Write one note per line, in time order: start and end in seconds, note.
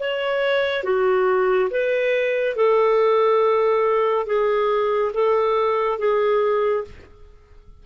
0.00 0.83 C#5
0.83 1.69 F#4
1.70 2.56 B4
2.56 4.26 A4
4.26 5.12 G#4
5.14 5.99 A4
5.99 6.85 G#4